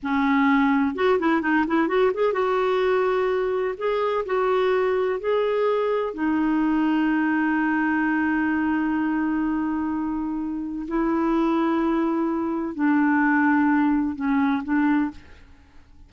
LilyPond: \new Staff \with { instrumentName = "clarinet" } { \time 4/4 \tempo 4 = 127 cis'2 fis'8 e'8 dis'8 e'8 | fis'8 gis'8 fis'2. | gis'4 fis'2 gis'4~ | gis'4 dis'2.~ |
dis'1~ | dis'2. e'4~ | e'2. d'4~ | d'2 cis'4 d'4 | }